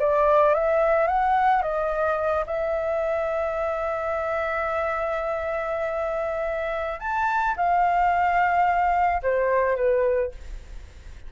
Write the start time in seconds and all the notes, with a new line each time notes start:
0.00 D5
0.54 E5
1.08 F#5
1.62 D#5
2.46 E5
7.00 A5
7.57 F5
9.23 C5
9.77 B4